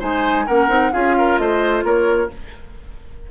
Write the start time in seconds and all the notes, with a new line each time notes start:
0.00 G#3 D#4 C5 G#5
0.47 A#3 C#4 A#4 F#5
0.69 C4 D#4
0.93 C#4 F4 G#4 F5
1.18 A#4
1.38 A3 C5 D#5
1.84 A#3 A#4 C#5